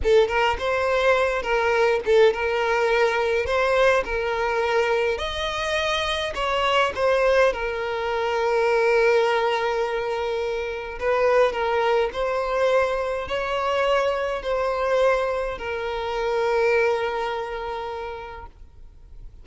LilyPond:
\new Staff \with { instrumentName = "violin" } { \time 4/4 \tempo 4 = 104 a'8 ais'8 c''4. ais'4 a'8 | ais'2 c''4 ais'4~ | ais'4 dis''2 cis''4 | c''4 ais'2.~ |
ais'2. b'4 | ais'4 c''2 cis''4~ | cis''4 c''2 ais'4~ | ais'1 | }